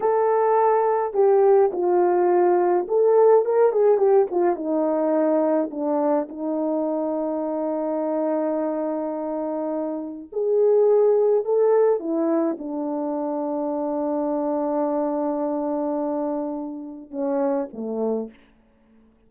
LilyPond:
\new Staff \with { instrumentName = "horn" } { \time 4/4 \tempo 4 = 105 a'2 g'4 f'4~ | f'4 a'4 ais'8 gis'8 g'8 f'8 | dis'2 d'4 dis'4~ | dis'1~ |
dis'2 gis'2 | a'4 e'4 d'2~ | d'1~ | d'2 cis'4 a4 | }